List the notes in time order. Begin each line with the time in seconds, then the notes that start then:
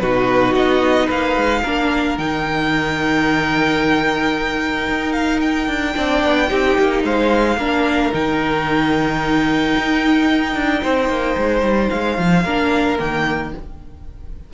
0.00 B2 D#4 F#4 B4
0.54 B3 D#5
1.07 A#3 B4 F5
1.36 G#3
1.63 A#3 D4 A#4
2.18 D#3 D#4 G5
4.88 D#4
5.13 F5
5.40 G5
5.68 D4
5.94 C4 D4 D5
6.24 B3
6.48 C4 D#4 G4
6.78 A#3
7.04 G#3 C5 F5
7.57 A#3 D4 A#4
8.12 D#3 D#4 G5
9.77 D#4
10.55 D4
10.82 C4 C5
11.10 A#3
11.37 G#3
11.62 G3
11.90 G#3 F5
12.18 F3
12.43 A#3 D4 A#4
12.99 D#3 A#3 G5